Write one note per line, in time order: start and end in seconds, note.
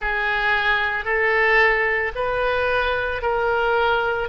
0.00 1.05 G#4
1.05 2.12 A4
2.15 3.21 B4
3.21 4.29 A#4